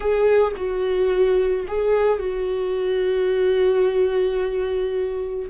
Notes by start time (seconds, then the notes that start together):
0.00 G#4
0.56 F#4
1.67 G#4
2.19 F#4